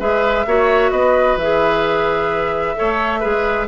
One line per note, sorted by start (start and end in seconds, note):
0.00 0.46 G#3
0.00 0.46 G#4
0.00 0.46 B4
0.00 0.91 E5
0.46 0.92 A#3
0.46 1.40 F#4
0.46 0.92 C#5
0.91 1.37 B3
0.91 2.76 B4
0.91 1.37 D#5
1.37 2.75 E3
1.37 2.76 G#4
1.37 3.69 E5
2.76 3.25 A3
2.76 3.22 A4
2.76 3.20 C#5
3.20 3.69 G#3
3.20 3.68 G#4
3.20 3.66 B4